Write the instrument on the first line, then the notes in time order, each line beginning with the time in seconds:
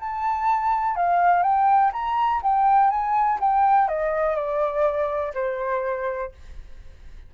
flute
0.00 A5
0.96 F5
1.43 G5
1.93 A#5
2.43 G5
2.90 G#5
3.41 G5
3.88 D#5
4.36 D5
5.35 C5